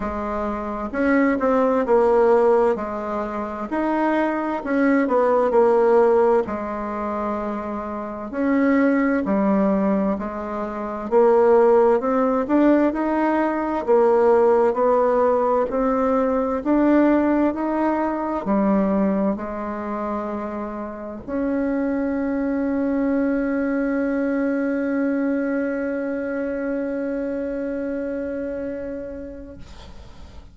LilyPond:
\new Staff \with { instrumentName = "bassoon" } { \time 4/4 \tempo 4 = 65 gis4 cis'8 c'8 ais4 gis4 | dis'4 cis'8 b8 ais4 gis4~ | gis4 cis'4 g4 gis4 | ais4 c'8 d'8 dis'4 ais4 |
b4 c'4 d'4 dis'4 | g4 gis2 cis'4~ | cis'1~ | cis'1 | }